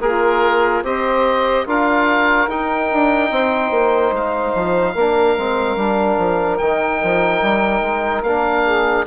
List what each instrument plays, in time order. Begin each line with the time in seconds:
0.00 bassoon A#3, saxophone F4, trombone G#4, oboe A#4
0.83 bassoon C4, trombone G4, saxophone C5, oboe D#5
1.66 bassoon D4, trombone F4, saxophone A#4, oboe F5
2.48 bassoon D#4, trombone D#4, oboe G5
2.93 bassoon D4
3.31 bassoon C4, saxophone C5
3.71 bassoon A#3
4.12 bassoon G#3, oboe F5
4.55 bassoon F3
4.93 bassoon A#3, saxophone A#4
4.99 trombone D4
5.38 bassoon G#3, trombone C4
5.76 bassoon G3, trombone D4
6.18 bassoon F3
6.58 bassoon D#3, trombone D#4, oboe G5
7.03 bassoon F3
7.42 bassoon G3
7.82 bassoon G#3
8.23 bassoon A#3, trombone D4, oboe F5
8.65 saxophone G#4